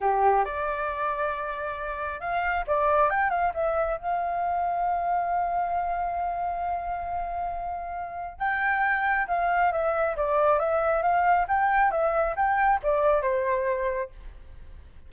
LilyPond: \new Staff \with { instrumentName = "flute" } { \time 4/4 \tempo 4 = 136 g'4 d''2.~ | d''4 f''4 d''4 g''8 f''8 | e''4 f''2.~ | f''1~ |
f''2. g''4~ | g''4 f''4 e''4 d''4 | e''4 f''4 g''4 e''4 | g''4 d''4 c''2 | }